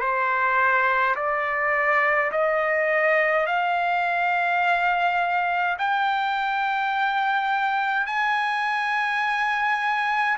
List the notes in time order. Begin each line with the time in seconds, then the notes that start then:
0.00 C5
1.15 D5
2.31 D#5
3.46 F5
5.78 G5
8.06 G#5